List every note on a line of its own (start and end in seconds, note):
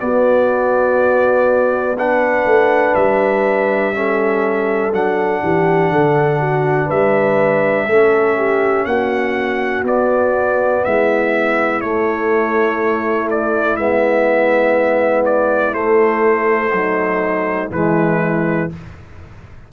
0.00 1.97 B3
0.00 2.45 B3
0.00 1.98 F#4
0.00 1.97 D5
1.98 3.94 D4
1.98 3.94 B4
1.98 2.95 F#5
2.45 2.95 A3
2.95 4.93 G3
2.95 4.92 E5
3.94 4.93 C#4
3.94 5.43 A4
4.93 5.42 F#3
4.93 7.89 D4
4.93 6.90 F#5
5.43 5.91 E3
5.43 5.92 G4
5.91 6.89 D3
5.91 6.40 A4
6.40 6.87 F#4
6.87 7.87 G3
6.87 7.85 B4
6.87 8.86 E5
7.87 8.86 A3
7.87 9.86 C#4
7.87 8.37 A4
8.37 8.87 G4
8.86 9.83 A#3
8.86 10.85 F#4
8.86 9.84 F#5
9.83 10.81 B3
9.83 11.82 B3
9.83 10.85 D5
10.85 11.83 G#3
10.85 16.74 E4
10.85 11.81 E5
11.81 13.77 A3
11.81 13.29 C#5
13.31 13.77 D5
13.77 15.74 G#3
13.77 15.73 B3
13.77 15.24 E5
15.25 15.74 D5
15.73 16.71 A3
15.73 17.70 A3
15.73 17.71 C5
16.73 17.72 F#3
16.73 17.72 D#4
17.71 18.69 E3
17.71 18.70 G#3
17.71 18.73 E4
17.71 18.71 B4